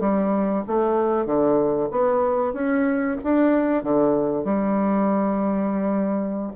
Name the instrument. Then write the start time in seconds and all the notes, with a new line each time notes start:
bassoon
0.00 G3
0.67 A3
1.25 D3
1.90 B3
2.53 C#4
3.24 D4
3.83 D3
4.44 G3